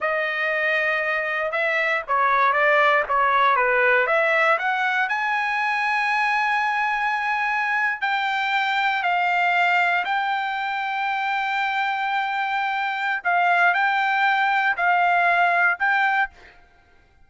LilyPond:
\new Staff \with { instrumentName = "trumpet" } { \time 4/4 \tempo 4 = 118 dis''2. e''4 | cis''4 d''4 cis''4 b'4 | e''4 fis''4 gis''2~ | gis''2.~ gis''8. g''16~ |
g''4.~ g''16 f''2 g''16~ | g''1~ | g''2 f''4 g''4~ | g''4 f''2 g''4 | }